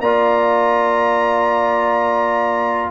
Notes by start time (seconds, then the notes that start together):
0.00 A#3 F4 D5 A#5